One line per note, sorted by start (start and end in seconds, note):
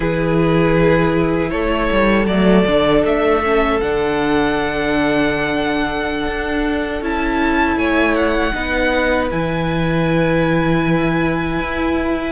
0.00 1.51 E3
0.00 2.28 E4
0.00 1.51 G#4
0.00 1.50 B4
1.50 1.90 A3
1.50 7.78 A4
1.50 2.26 C#5
1.91 2.27 G3
2.27 2.65 F#3
2.27 2.66 A3
2.27 3.03 D5
2.65 3.03 D3
2.65 3.42 D4
3.04 3.80 A3
3.04 3.80 E5
3.44 3.81 C#4
3.80 6.25 D3
3.80 7.02 D4
3.80 7.03 F#5
6.25 7.01 D4
7.01 7.76 C#4
7.01 8.53 E4
7.01 7.78 A5
7.76 8.52 A3
7.76 8.54 C#5
7.76 8.14 G#5
8.14 9.28 F#5
8.53 9.30 B3
8.53 9.29 D#4
8.53 12.32 B4
9.30 11.59 E3
9.30 12.32 E4
9.30 12.32 G#5
11.59 12.32 E4